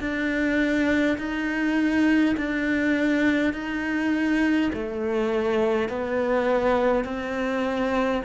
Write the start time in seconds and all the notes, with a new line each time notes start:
0.00 D4
1.18 D#4
2.36 D4
3.53 D#4
4.73 A3
5.89 B3
7.04 C4